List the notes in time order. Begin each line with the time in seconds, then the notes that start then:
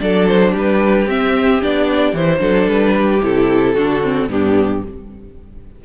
0.00 F#3 D4 A4 D5
0.27 C5
0.52 G3 G4
0.58 B4
1.07 C4 E5
1.62 B3 D4 D5
2.13 E3 E4 C5
2.39 F#3 D4 A4
2.68 G3 B4
2.96 G4
3.22 C3 E4 A4
3.75 D3 D4 F#4
4.03 C4
4.28 G2 B3 D4 G4